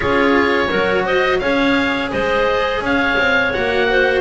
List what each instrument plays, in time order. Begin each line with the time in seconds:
0.00 double bass C#4, cello F4, clarinet G#4, oboe C#5
0.69 double bass F#3, cello F#4, clarinet A#4
1.05 clarinet C5, oboe D#5
1.39 double bass C#4, cello G#4, clarinet C#5, oboe F5
2.11 double bass G#3, clarinet C5, oboe D#5
2.80 double bass C#4, clarinet C#5, oboe F5
3.17 double bass C4
3.52 double bass A#3, cello F#4, oboe F#5
3.90 clarinet C5